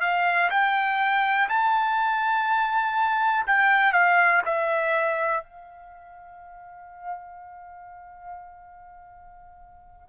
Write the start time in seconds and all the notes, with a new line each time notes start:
0.00 F5
0.50 G5
1.49 A5
3.46 G5
3.92 F5
4.45 E5
5.43 F5